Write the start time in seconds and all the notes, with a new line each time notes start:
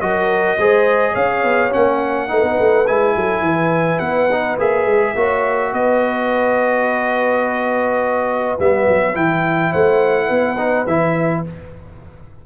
0.00 F#3 F#4 A#4 D#5
0.58 G#3 G#4 C5
1.11 C#4 C#5 F5
1.43 B3
1.71 A#3 C#4 F#5
2.28 A3 D#4 B4
2.43 B3
2.59 A3
2.87 G#3 E4 G#5
3.15 F#3 A4
3.41 E3 B4
3.99 B3 F#5
4.32 D#4
4.59 A#3 G#4 E5
4.86 G#3
5.15 A#3 F#4 C#5
5.72 B3 B4 D#5
8.59 G3 B3 E5
8.88 F#3
9.13 E3 E4 G5
9.71 A3 C5 F#5
10.26 B3 B4
10.58 D#4
10.87 E3 E4 E5